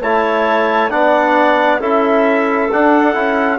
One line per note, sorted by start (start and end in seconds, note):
0.00 0.90 A3
0.00 0.90 E4
0.00 0.90 C#5
0.00 0.90 A5
0.90 1.79 B3
0.90 1.79 D4
0.90 1.79 D5
0.90 1.80 F#5
1.79 2.68 C#4
1.79 2.69 E4
1.79 3.58 A4
1.79 2.71 E5
2.72 3.13 D4
2.72 3.15 D4
2.72 3.58 F#5
3.13 3.58 C#4
3.13 3.58 E4